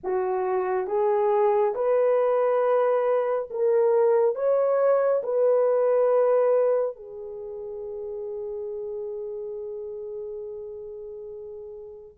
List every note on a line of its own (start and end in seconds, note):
0.03 0.87 F#4
0.87 1.74 G#4
1.74 3.48 B4
3.50 4.35 A#4
4.35 5.22 C#5
5.23 6.96 B4
6.96 12.17 G#4